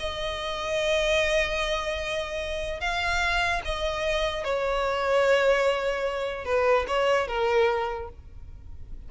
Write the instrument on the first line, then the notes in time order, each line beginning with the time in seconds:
violin
0.00 D#5
2.81 F5
3.65 D#5
4.44 C#5
6.45 B4
6.88 C#5
7.28 A#4